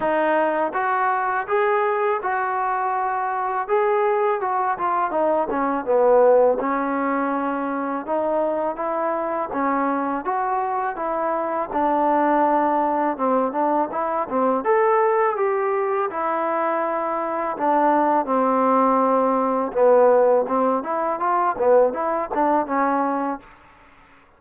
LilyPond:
\new Staff \with { instrumentName = "trombone" } { \time 4/4 \tempo 4 = 82 dis'4 fis'4 gis'4 fis'4~ | fis'4 gis'4 fis'8 f'8 dis'8 cis'8 | b4 cis'2 dis'4 | e'4 cis'4 fis'4 e'4 |
d'2 c'8 d'8 e'8 c'8 | a'4 g'4 e'2 | d'4 c'2 b4 | c'8 e'8 f'8 b8 e'8 d'8 cis'4 | }